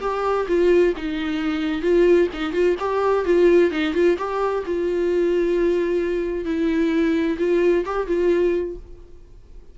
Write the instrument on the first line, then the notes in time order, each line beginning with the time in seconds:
viola
0.00 G4
0.47 F4
0.96 D#4
1.81 F4
2.33 D#4
2.52 F4
2.79 G4
3.25 F4
3.70 D#4
3.94 F4
4.17 G4
4.65 F4
6.44 E4
7.38 F4
7.85 G4
8.06 F4